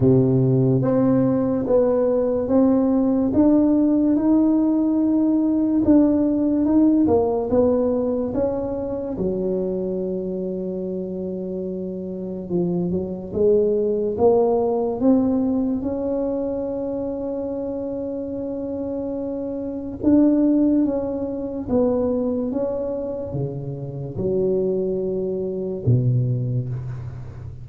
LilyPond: \new Staff \with { instrumentName = "tuba" } { \time 4/4 \tempo 4 = 72 c4 c'4 b4 c'4 | d'4 dis'2 d'4 | dis'8 ais8 b4 cis'4 fis4~ | fis2. f8 fis8 |
gis4 ais4 c'4 cis'4~ | cis'1 | d'4 cis'4 b4 cis'4 | cis4 fis2 b,4 | }